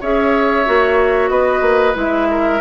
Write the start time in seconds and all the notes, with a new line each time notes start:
0.00 C#4 G#4 C#5 E5
0.65 A#3 F#4
1.29 B3 B4 D#5
1.61 A#3
1.94 G#3 E4 E5
2.30 A#4